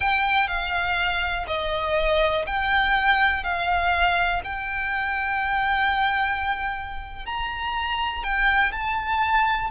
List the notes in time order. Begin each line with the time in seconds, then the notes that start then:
0.00 G5
0.47 F5
1.47 D#5
2.46 G5
3.43 F5
4.44 G5
7.25 A#5
8.23 G5
8.72 A5